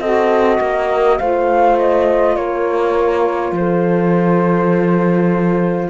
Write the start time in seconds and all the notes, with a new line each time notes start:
0.00 C4 F#4 A4 D#5
0.60 A#3 A#4
1.18 A3 F4 C5 F5
1.78 D#5
2.36 A#3 A#4 C#5
3.52 F3 A4 C5